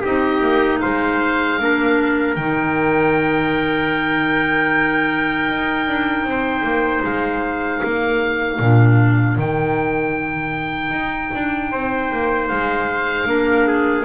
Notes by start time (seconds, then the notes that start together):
0.00 C4 D#4 G4 D#5
0.40 A#3
0.80 G#3 C5 F5
1.58 A#3 D4 A#4
2.35 D#3 D#4 G5
5.48 D#4
5.87 D4
6.23 C4
6.30 C5
6.63 A#3
7.03 G#3 F5
7.82 A#3 A#4
8.59 A#2 D4
9.37 D#3 D#4 G5
10.91 D#4
11.34 D4
11.71 C4 C5
12.11 A#3
12.48 G#3 F5
13.26 A#3 D4 A#4
13.67 G#4